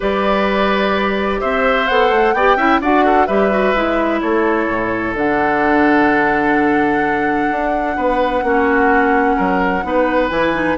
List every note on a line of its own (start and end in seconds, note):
0.00 1.41 G3
0.00 1.88 G4
0.00 1.40 B4
0.00 1.40 D5
1.40 1.89 C4
1.40 2.34 C5
1.40 1.87 E5
1.87 2.10 B3
1.87 2.36 A4
1.87 2.33 F#5
2.10 2.33 A3
2.33 2.56 B3
2.33 2.58 G4
2.33 2.56 D5
2.33 2.80 G5
2.56 2.79 C#4
2.56 2.81 E4
2.56 2.80 E5
2.80 3.27 D4
2.80 3.28 F#4
2.80 3.04 D5
2.80 3.26 F#5
3.04 3.26 A4
3.26 3.74 G3
3.26 3.50 G4
3.26 4.20 B4
3.26 4.20 E5
3.50 3.74 F#4
3.74 4.21 G#3
3.74 5.16 E4
4.20 4.67 A3
4.20 7.96 A4
4.20 5.14 C#5
4.67 5.14 A2
5.14 7.48 D3
5.14 8.42 D4
5.14 10.29 F#5
7.50 7.96 D4
7.96 8.42 B3
7.96 8.43 B4
8.42 9.36 A#3
8.42 9.82 C#4
8.42 9.36 F#4
9.36 9.83 F#3
9.36 9.83 A#4
9.82 10.30 B3
9.82 10.29 D#4
9.82 10.77 B4
10.29 10.77 E3
10.29 10.52 E4
10.29 10.76 G#5
10.53 10.76 D#4